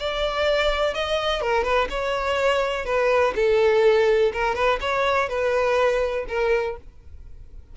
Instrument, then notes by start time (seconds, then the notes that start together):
violin
0.00 D5
0.94 D#5
1.42 A#4
1.64 B4
1.90 C#5
2.86 B4
3.35 A4
4.33 A#4
4.55 B4
4.81 C#5
5.29 B4
6.28 A#4